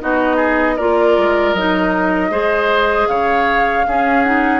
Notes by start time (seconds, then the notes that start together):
0.00 B3 D#4 F#4 D#5
0.36 G#4
0.76 A#3 F4 A#4 D5
1.17 G#3
1.53 F#3 D#4 D#5
2.30 G#3 G#4 C5
3.08 C#3 C#5 F5
3.86 C#4 G#4
4.23 D#4 F#5